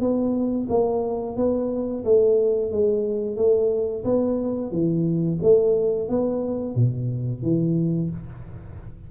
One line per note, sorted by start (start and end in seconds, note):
0.00 0.67 B3
0.69 1.36 A#3
1.36 2.03 B3
2.04 2.71 A3
2.71 3.36 G#3
3.36 4.03 A3
4.04 4.71 B3
4.71 5.38 E3
5.42 6.09 A3
6.09 6.75 B3
6.75 7.42 B2
7.42 8.10 E3